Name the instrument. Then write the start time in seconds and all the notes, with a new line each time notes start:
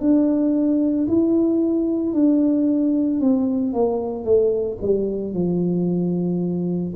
tuba
0.00 D4
1.08 E4
2.14 D4
3.21 C4
3.74 A#3
4.25 A3
4.82 G3
5.34 F3